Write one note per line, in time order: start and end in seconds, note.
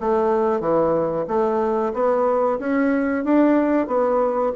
0.00 0.60 A3
0.60 1.26 E3
1.28 1.93 A3
1.94 2.59 B3
2.59 3.25 C#4
3.25 3.87 D4
3.87 4.53 B3